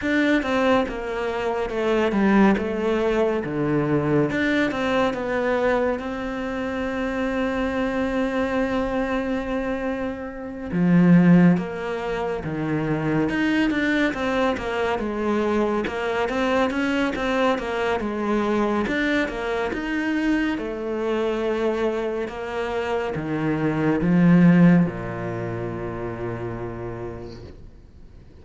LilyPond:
\new Staff \with { instrumentName = "cello" } { \time 4/4 \tempo 4 = 70 d'8 c'8 ais4 a8 g8 a4 | d4 d'8 c'8 b4 c'4~ | c'1~ | c'8 f4 ais4 dis4 dis'8 |
d'8 c'8 ais8 gis4 ais8 c'8 cis'8 | c'8 ais8 gis4 d'8 ais8 dis'4 | a2 ais4 dis4 | f4 ais,2. | }